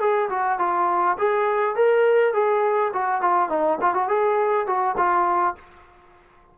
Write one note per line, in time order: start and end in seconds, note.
0.00 0.29 G#4
0.30 0.59 F#4
0.59 1.17 F4
1.18 1.76 G#4
1.76 2.34 A#4
2.34 2.92 G#4
2.94 3.21 F#4
3.21 3.49 F4
3.49 3.78 D#4
3.81 3.95 F4
3.95 4.09 F#4
4.09 4.67 G#4
4.67 4.96 F#4
4.97 5.56 F4